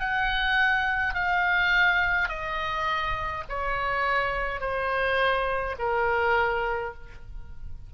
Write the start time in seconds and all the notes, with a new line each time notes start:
0.00 F#5
1.14 F5
2.29 D#5
3.49 C#5
4.60 C5
5.78 A#4